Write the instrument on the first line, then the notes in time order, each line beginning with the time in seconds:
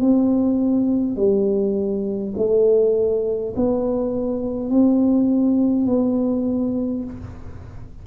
tuba
0.00 C4
1.16 G3
2.37 A3
3.56 B3
4.70 C4
5.86 B3